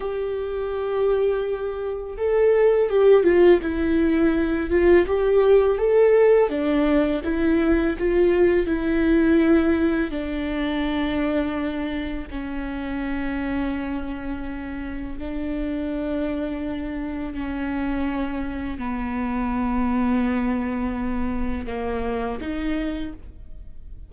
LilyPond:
\new Staff \with { instrumentName = "viola" } { \time 4/4 \tempo 4 = 83 g'2. a'4 | g'8 f'8 e'4. f'8 g'4 | a'4 d'4 e'4 f'4 | e'2 d'2~ |
d'4 cis'2.~ | cis'4 d'2. | cis'2 b2~ | b2 ais4 dis'4 | }